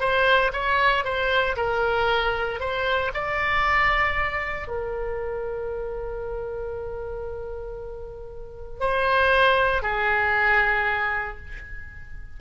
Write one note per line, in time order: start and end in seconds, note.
0.00 0.52 C5
0.53 1.04 C#5
1.04 1.56 C5
1.56 2.60 A#4
2.60 3.12 C5
3.14 4.68 D5
4.68 8.80 A#4
8.80 9.83 C5
9.83 11.38 G#4